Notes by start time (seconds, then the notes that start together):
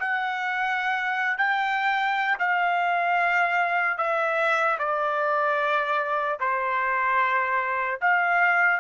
0.00 F#5
1.38 G5
2.39 F5
3.98 E5
4.79 D5
6.40 C5
8.01 F5